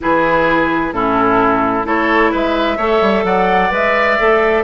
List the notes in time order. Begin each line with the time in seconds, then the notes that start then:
0.00 E3 E4 G#4 B4
0.92 A2 C#4 E4 A4
1.84 A3 E4 A4 C#5
2.31 G#3 B4 E5
2.77 A3 A4 C#5
3.01 G3
3.24 F#3 D5 F#5
3.70 G#3 B4 E5
4.19 A3 A4